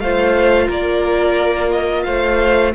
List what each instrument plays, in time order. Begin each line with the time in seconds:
0.00 cello A3, viola F4, violin C5 F5
0.68 cello A#3, violin A#4 D5
1.71 violin D#5
2.03 cello A3, violin C5 F5